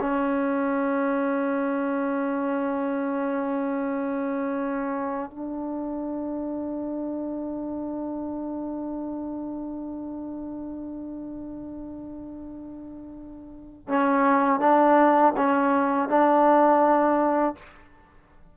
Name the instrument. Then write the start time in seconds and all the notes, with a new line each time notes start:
trombone
0.00 C#4
5.30 D4
13.88 C#4
14.60 D4
15.37 C#4
16.09 D4